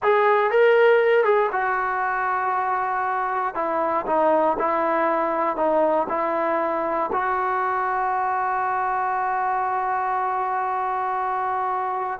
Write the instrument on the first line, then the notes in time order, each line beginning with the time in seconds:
trombone
0.02 G#4
0.50 A#4
1.24 G#4
1.52 F#4
3.54 E4
4.06 D#4
4.58 E4
5.56 D#4
6.09 E4
7.12 F#4